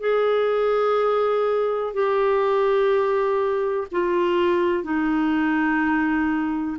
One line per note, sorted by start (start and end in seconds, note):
0.00 1.94 G#4
1.94 3.88 G4
3.92 4.84 F4
4.84 6.77 D#4